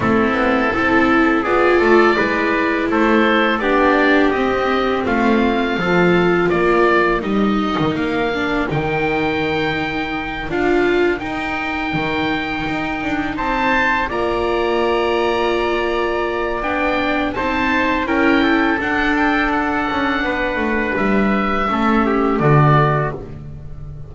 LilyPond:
<<
  \new Staff \with { instrumentName = "oboe" } { \time 4/4 \tempo 4 = 83 a'2 d''2 | c''4 d''4 dis''4 f''4~ | f''4 d''4 dis''4 f''4 | g''2~ g''8 f''4 g''8~ |
g''2~ g''8 a''4 ais''8~ | ais''2. g''4 | a''4 g''4 fis''8 g''8 fis''4~ | fis''4 e''2 d''4 | }
  \new Staff \with { instrumentName = "trumpet" } { \time 4/4 e'4 a'4 gis'8 a'8 b'4 | a'4 g'2 f'4 | a'4 ais'2.~ | ais'1~ |
ais'2~ ais'8 c''4 d''8~ | d''1 | c''4 ais'8 a'2~ a'8 | b'2 a'8 g'8 fis'4 | }
  \new Staff \with { instrumentName = "viola" } { \time 4/4 c'4 e'4 f'4 e'4~ | e'4 d'4 c'2 | f'2 dis'4. d'8 | dis'2~ dis'8 f'4 dis'8~ |
dis'2.~ dis'8 f'8~ | f'2. d'4 | dis'4 e'4 d'2~ | d'2 cis'4 a4 | }
  \new Staff \with { instrumentName = "double bass" } { \time 4/4 a8 b8 c'4 b8 a8 gis4 | a4 b4 c'4 a4 | f4 ais4 g8. dis16 ais4 | dis2~ dis8 d'4 dis'8~ |
dis'8 dis4 dis'8 d'8 c'4 ais8~ | ais2. b4 | c'4 cis'4 d'4. cis'8 | b8 a8 g4 a4 d4 | }
>>